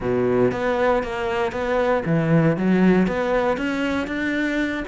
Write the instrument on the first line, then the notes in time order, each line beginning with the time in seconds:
cello
0.00 B2
0.51 B3
1.03 A#3
1.52 B3
2.05 E3
2.56 F#3
3.07 B3
3.57 C#4
4.07 D4